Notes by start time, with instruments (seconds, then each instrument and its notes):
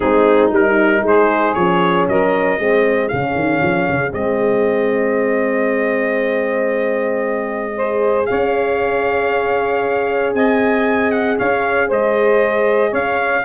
0.00 tuba G#3, horn C4, saxophone D#4, trumpet G#4
0.51 tuba G3, horn D#4, trumpet A#4
1.02 tuba G#3, saxophone G#4, trumpet C5
1.54 tuba F3, horn C#4, trumpet C#5
2.08 tuba F#3, saxophone A#4, trumpet D#5
2.59 tuba G#3, horn C4, saxophone G#4
3.08 tuba C#3, horn C#4, trumpet F5
3.34 tuba D#3
3.62 tuba F3
3.89 tuba C#3
4.10 tuba G#3, horn C4, trumpet D#5
7.76 horn G#4, saxophone C5
8.25 tuba C#4, saxophone C#5, trumpet F5
10.34 tuba C4, saxophone D#5, trumpet G#5
11.11 trumpet F#5
11.37 tuba C#4, saxophone C#5, trumpet F5
11.87 tuba G#3, saxophone C5, trumpet D#5
12.89 tuba C#4, saxophone C#5, trumpet F5